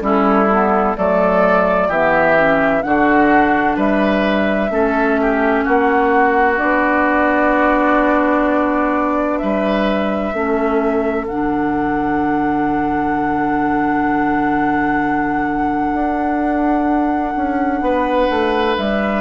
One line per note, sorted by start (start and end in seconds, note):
0.00 0.95 G3
0.00 0.47 C#4
0.00 0.97 E4
0.00 0.97 A4
0.51 0.96 B3
0.96 1.88 F#3
0.96 1.90 A3
0.96 1.88 A4
0.96 1.90 D5
1.88 2.82 E3
1.88 2.36 B3
1.88 2.82 G4
1.88 2.82 E5
2.36 2.82 C#4
2.82 3.77 D3
2.82 4.69 D4
2.82 3.76 F#4
2.82 3.76 F#5
3.76 4.70 G3
3.76 4.70 B4
3.76 5.65 E5
4.69 5.64 A3
4.69 6.57 C#4
4.69 5.20 A4
5.21 5.64 G4
5.64 6.61 A#3
5.64 9.39 F#4
5.64 6.58 F#5
6.57 9.42 B3
6.57 10.32 D4
6.57 9.38 D5
9.38 10.33 G3
9.38 10.35 B4
9.38 11.25 E5
10.33 11.27 A3
10.33 11.28 C#4
10.33 17.83 A4
11.27 15.93 D3
11.27 19.21 D4
11.27 18.77 F#5
15.93 17.34 D4
17.36 17.81 C#4
17.81 18.28 B3
17.81 19.21 B4
18.30 18.77 A3
18.77 19.21 G3
18.77 19.21 E5